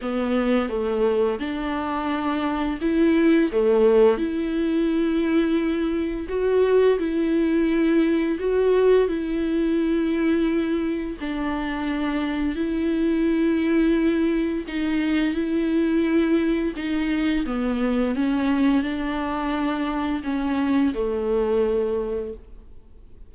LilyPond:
\new Staff \with { instrumentName = "viola" } { \time 4/4 \tempo 4 = 86 b4 a4 d'2 | e'4 a4 e'2~ | e'4 fis'4 e'2 | fis'4 e'2. |
d'2 e'2~ | e'4 dis'4 e'2 | dis'4 b4 cis'4 d'4~ | d'4 cis'4 a2 | }